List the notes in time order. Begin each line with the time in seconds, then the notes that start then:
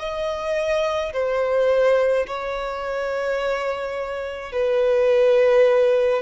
0.00 D#5
1.13 C5
2.27 C#5
4.53 B4